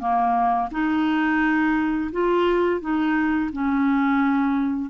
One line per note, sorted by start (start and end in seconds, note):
0.00 0.70 A#3
0.72 2.11 D#4
2.12 2.81 F4
2.81 3.51 D#4
3.53 4.91 C#4